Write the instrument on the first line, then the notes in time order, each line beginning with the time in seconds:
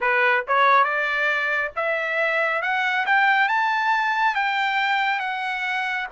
trumpet
0.00 B4
0.47 C#5
0.84 D5
1.75 E5
2.62 F#5
3.06 G5
3.48 A5
4.35 G5
5.19 F#5